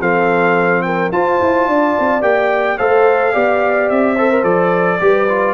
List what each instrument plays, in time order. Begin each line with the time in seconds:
0.00 tuba F3, trombone C4, horn A4, trumpet F5
0.82 horn A#4, trumpet G5
1.12 tuba F4, trombone F4, horn C5, trumpet A5
1.41 tuba E4
1.67 tuba D4, horn D5
1.99 tuba C4
2.21 tuba A#3, trombone G4, trumpet G5
2.77 tuba A3, trombone A4, horn C5, trumpet F5
3.32 tuba B3, trombone G4, horn D5
3.89 tuba C4, trumpet E5
4.14 trombone A4, horn C5
4.31 trombone A#4
4.43 tuba F3, trombone A4, trumpet D5
5.00 tuba G3, trombone G4, horn B4
5.28 trombone F4